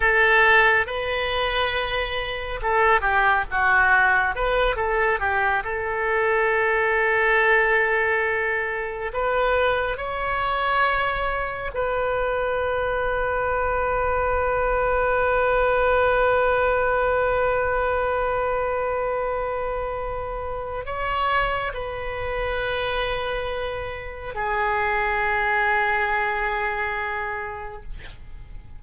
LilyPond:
\new Staff \with { instrumentName = "oboe" } { \time 4/4 \tempo 4 = 69 a'4 b'2 a'8 g'8 | fis'4 b'8 a'8 g'8 a'4.~ | a'2~ a'8 b'4 cis''8~ | cis''4. b'2~ b'8~ |
b'1~ | b'1 | cis''4 b'2. | gis'1 | }